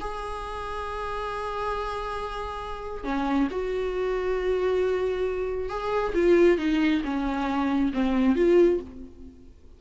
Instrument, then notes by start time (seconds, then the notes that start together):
viola
0.00 G#4
3.04 C#4
3.51 F#4
5.69 G#4
6.14 F4
6.58 D#4
7.04 C#4
7.93 C4
8.36 F4